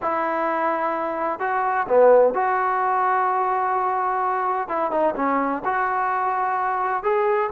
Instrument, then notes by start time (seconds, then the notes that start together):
trombone
0.01 E4
1.39 F#4
1.88 B3
2.34 F#4
4.68 E4
4.91 D#4
5.15 C#4
5.64 F#4
7.03 G#4